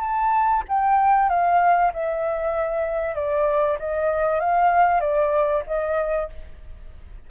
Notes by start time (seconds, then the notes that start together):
0.00 A5
0.68 G5
1.29 F5
1.93 E5
3.15 D5
3.79 D#5
4.40 F5
5.00 D5
5.66 D#5